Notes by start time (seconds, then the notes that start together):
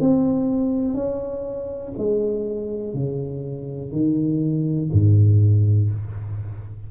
0.00 C4
0.94 C#4
1.98 G#3
2.94 C#3
3.92 D#3
4.92 G#2